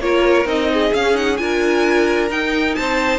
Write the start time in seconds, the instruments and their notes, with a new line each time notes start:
0.00 cello A#3, viola F4, violin A#4 C#5
0.46 cello C4, viola D#4, violin D#5
0.73 violin G#4
0.94 cello C#4, viola C#4, violin F5
1.14 viola D#4, violin F#5
1.37 cello D4, viola F4, violin A#4 G#5
2.29 viola D#4, cello D#4, violin G5
2.75 cello C4, violin C5 A5